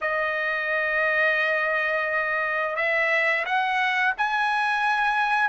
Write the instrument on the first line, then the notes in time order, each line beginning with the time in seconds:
trumpet
0.01 D#5
2.76 E5
3.45 F#5
4.17 G#5